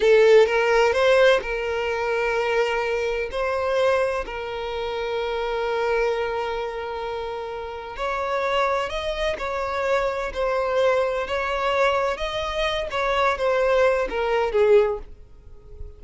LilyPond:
\new Staff \with { instrumentName = "violin" } { \time 4/4 \tempo 4 = 128 a'4 ais'4 c''4 ais'4~ | ais'2. c''4~ | c''4 ais'2.~ | ais'1~ |
ais'4 cis''2 dis''4 | cis''2 c''2 | cis''2 dis''4. cis''8~ | cis''8 c''4. ais'4 gis'4 | }